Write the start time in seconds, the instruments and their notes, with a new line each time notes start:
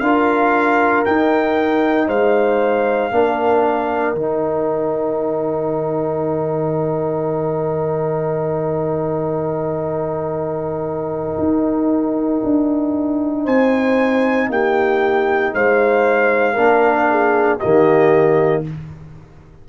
0.00 tuba D4, trombone F4, horn A#4, trumpet F5
1.05 trombone D#4, tuba D#4, trumpet G5
2.08 tuba G#3, horn C5, trumpet F5
3.12 tuba A#3, trombone D4, horn A#4
4.14 tuba D#3, trombone D#4, trumpet G5
11.39 tuba D#4
12.44 tuba D4
13.44 tuba C4, horn C5, trumpet G#5
14.50 tuba A#3, horn G4, trumpet G5
15.55 tuba G#3, horn C5, trumpet F5
16.54 tuba A#3, trombone D4, horn A#4
17.11 horn G#4
17.59 trombone A#3, horn G4, trumpet D#5
17.66 tuba D#3